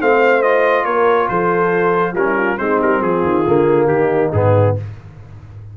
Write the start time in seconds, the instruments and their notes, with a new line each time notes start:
0.00 tuba A3, trombone C4, horn C5, trumpet F5
0.42 trombone F4, trumpet D#5
0.85 tuba A#3, horn A#4, trumpet C#5
1.28 tuba F3, horn A4, trumpet C5
2.13 tuba G3, trombone C#4, horn F4, trumpet A#4
2.25 horn E4
2.37 horn F4
2.58 tuba G#3, trombone C4, horn D#4, trumpet C5
2.82 tuba G3, trumpet A#4
3.01 tuba F3, horn F4, trumpet G#4
3.23 tuba D#3
3.47 tuba D3, trombone A#3
3.87 tuba D#3, horn D#4, trumpet G4
4.33 tuba G#2, trombone B3, trumpet G#4